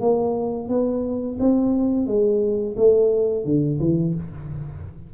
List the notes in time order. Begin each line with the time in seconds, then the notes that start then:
0.00 A#3
0.69 B3
1.39 C4
2.06 G#3
2.76 A3
3.45 D3
3.80 E3